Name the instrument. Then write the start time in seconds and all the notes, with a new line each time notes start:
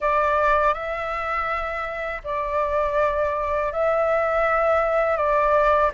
flute
0.00 D5
0.73 E5
2.24 D5
3.72 E5
5.16 D5